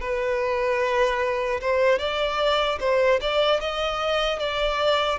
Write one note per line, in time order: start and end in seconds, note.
0.00 1.60 B4
1.60 1.98 C5
1.98 2.78 D5
2.80 3.20 C5
3.21 3.60 D5
3.60 4.39 D#5
4.39 5.19 D5